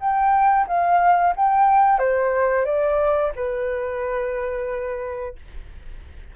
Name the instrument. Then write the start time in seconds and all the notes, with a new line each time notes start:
flute
0.00 G5
0.67 F5
1.36 G5
1.99 C5
2.65 D5
3.36 B4